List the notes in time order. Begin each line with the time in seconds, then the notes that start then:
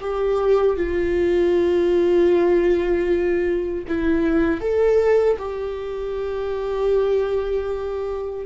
0.00 G4
0.77 F4
3.87 E4
4.60 A4
5.38 G4